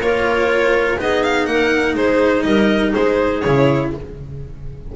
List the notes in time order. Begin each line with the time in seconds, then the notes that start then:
0.00 A#3 F4 A#4 C#5
0.98 B3 D#4 G#4 D#5
1.23 F5
1.46 A#3 A#4 F#5
1.95 G#3 G#4 C5
2.43 G3 A#4 D#5
2.93 G#3 G#4 C5
3.42 C#3 E4 C#5